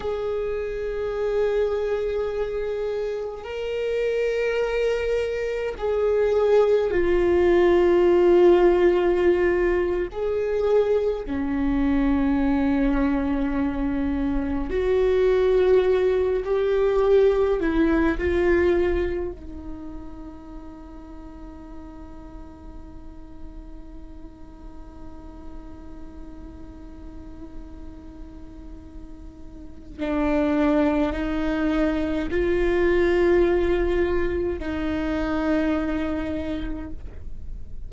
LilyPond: \new Staff \with { instrumentName = "viola" } { \time 4/4 \tempo 4 = 52 gis'2. ais'4~ | ais'4 gis'4 f'2~ | f'8. gis'4 cis'2~ cis'16~ | cis'8. fis'4. g'4 e'8 f'16~ |
f'8. dis'2.~ dis'16~ | dis'1~ | dis'2 d'4 dis'4 | f'2 dis'2 | }